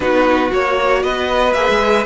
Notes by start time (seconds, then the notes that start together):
0.00 B3 D#4 F#4 B4
0.49 A#3 F#4 C#5
1.02 B3 B4 D#5
1.53 A#3 G#4 E5
1.68 G#3